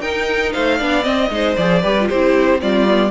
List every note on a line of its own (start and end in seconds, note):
0.00 0.52 D#4
0.00 0.80 D#4
0.00 0.52 A#4
0.00 0.52 G5
0.52 0.81 A3
0.52 0.77 C5
0.52 1.04 F5
0.77 1.06 B3
0.77 1.02 D4
0.77 1.29 D5
1.02 1.28 C4
1.02 1.30 C4
1.02 1.55 D#5
1.30 1.56 G#3
1.30 1.56 D#4
1.30 1.82 C5
1.56 1.83 F3
1.56 1.82 G#4
1.56 2.08 D5
1.82 2.09 G3
1.82 1.95 G4
1.82 2.08 B4
2.00 2.13 F4
2.08 2.62 C4
2.08 2.60 E4
2.08 2.59 G4
2.08 2.61 C5
2.60 3.11 G3
2.60 2.86 C4
2.60 3.11 F4
2.60 3.11 D5
2.87 3.11 B3